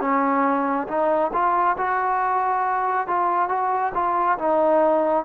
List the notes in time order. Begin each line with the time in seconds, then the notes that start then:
0.00 C#4
0.87 D#4
1.33 F4
1.78 F#4
3.07 F4
3.49 F#4
3.94 F4
4.38 D#4